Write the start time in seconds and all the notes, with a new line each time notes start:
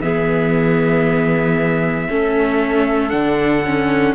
0.00 E3 B3 G#4 E5
2.08 A3 C#4 A4
3.09 D3 D4 F#5
3.65 C#4